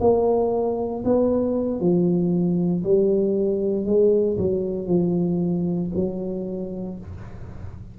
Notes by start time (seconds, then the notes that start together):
0.00 A#3
1.04 B3
1.80 F3
2.83 G3
3.85 G#3
4.37 F#3
4.87 F3
5.95 F#3